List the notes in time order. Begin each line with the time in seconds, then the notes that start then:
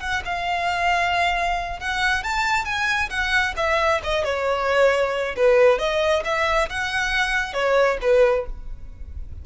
0.00 F#5
0.25 F5
1.79 F#5
2.23 A5
2.64 G#5
3.09 F#5
3.56 E5
4.03 D#5
4.24 C#5
5.36 B4
5.78 D#5
6.24 E5
6.69 F#5
7.53 C#5
8.01 B4